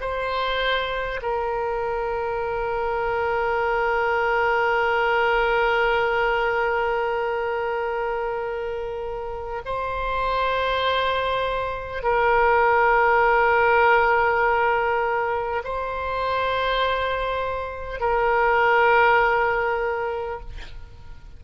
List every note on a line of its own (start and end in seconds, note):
0.00 1.20 C5
1.22 9.62 A#4
9.65 12.02 C5
12.02 15.62 A#4
15.64 18.00 C5
18.00 20.40 A#4